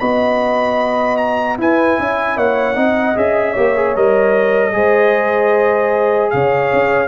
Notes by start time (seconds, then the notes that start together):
0.00 B3 F#4 D#5 B5
1.17 A#5
1.58 E4 B4 G#5
1.99 C#4 E5
2.37 A#3 C#5 F#5
2.75 C4 D#4 D#5
3.15 C#4 G#4 E5
3.53 A#3 G4 C#5
3.76 G#4
3.96 G3 A#4 D#5
4.73 G#3 G#4 C5
6.31 C#3 C#5 F5
6.73 C#4